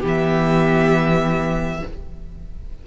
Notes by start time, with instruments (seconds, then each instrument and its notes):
0.00 cello E3, viola B3, violin G4
0.08 violin E5